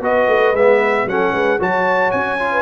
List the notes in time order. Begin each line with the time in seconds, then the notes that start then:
0.00 B3 F#4 B4 D#5
0.28 A3
0.53 G#3 B3 E5
1.06 F#3 C#4 A4 F#5
1.33 G#3 B4
1.60 F#3 F#4 C#5 A5
2.11 C#4 G#5
2.39 F4
2.52 B4